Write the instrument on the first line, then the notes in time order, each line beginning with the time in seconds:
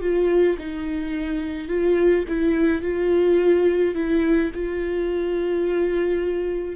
viola
0.00 F4
0.58 D#4
1.68 F4
2.28 E4
2.81 F4
3.94 E4
4.54 F4